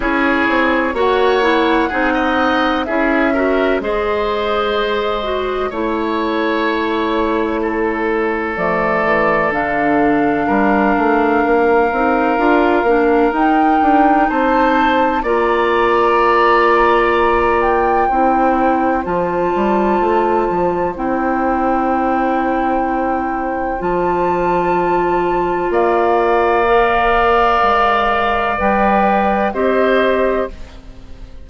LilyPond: <<
  \new Staff \with { instrumentName = "flute" } { \time 4/4 \tempo 4 = 63 cis''4 fis''2 e''4 | dis''2 cis''2~ | cis''4 d''4 f''2~ | f''2 g''4 a''4 |
ais''2~ ais''8 g''4. | a''2 g''2~ | g''4 a''2 f''4~ | f''2 g''4 dis''4 | }
  \new Staff \with { instrumentName = "oboe" } { \time 4/4 gis'4 cis''4 gis'16 dis''8. gis'8 ais'8 | c''2 cis''2 | a'2. ais'4~ | ais'2. c''4 |
d''2. c''4~ | c''1~ | c''2. d''4~ | d''2. c''4 | }
  \new Staff \with { instrumentName = "clarinet" } { \time 4/4 e'4 fis'8 e'8 dis'4 e'8 fis'8 | gis'4. fis'8 e'2~ | e'4 a4 d'2~ | d'8 dis'8 f'8 d'8 dis'2 |
f'2. e'4 | f'2 e'2~ | e'4 f'2. | ais'2 b'4 g'4 | }
  \new Staff \with { instrumentName = "bassoon" } { \time 4/4 cis'8 c'8 ais4 c'4 cis'4 | gis2 a2~ | a4 f8 e8 d4 g8 a8 | ais8 c'8 d'8 ais8 dis'8 d'8 c'4 |
ais2. c'4 | f8 g8 a8 f8 c'2~ | c'4 f2 ais4~ | ais4 gis4 g4 c'4 | }
>>